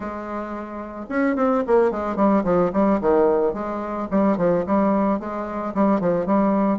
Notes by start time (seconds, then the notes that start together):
0.00 G#3
1.09 C#4
1.36 C4
1.66 A#3
1.91 G#3
2.16 G3
2.44 F3
2.72 G3
3.00 D#3
3.53 G#3
4.11 G3
4.37 F3
4.66 G3
5.19 G#3
5.74 G3
6.00 F3
6.26 G3